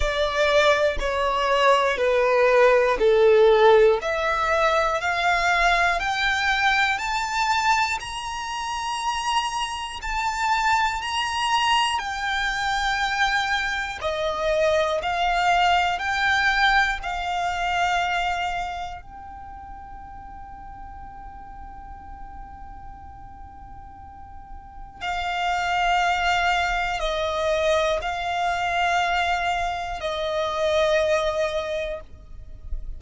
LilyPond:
\new Staff \with { instrumentName = "violin" } { \time 4/4 \tempo 4 = 60 d''4 cis''4 b'4 a'4 | e''4 f''4 g''4 a''4 | ais''2 a''4 ais''4 | g''2 dis''4 f''4 |
g''4 f''2 g''4~ | g''1~ | g''4 f''2 dis''4 | f''2 dis''2 | }